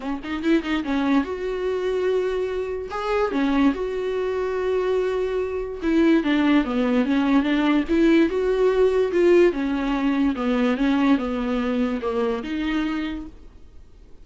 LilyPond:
\new Staff \with { instrumentName = "viola" } { \time 4/4 \tempo 4 = 145 cis'8 dis'8 e'8 dis'8 cis'4 fis'4~ | fis'2. gis'4 | cis'4 fis'2.~ | fis'2 e'4 d'4 |
b4 cis'4 d'4 e'4 | fis'2 f'4 cis'4~ | cis'4 b4 cis'4 b4~ | b4 ais4 dis'2 | }